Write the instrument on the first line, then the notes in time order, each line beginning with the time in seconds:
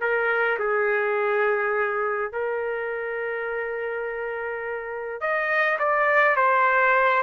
trumpet
0.00 A#4
0.58 G#4
2.32 A#4
5.20 D#5
5.79 D5
6.36 C5